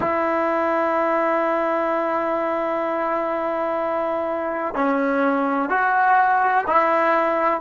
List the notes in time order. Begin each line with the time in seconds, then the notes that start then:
0.00 E4
4.74 C#4
5.69 F#4
6.67 E4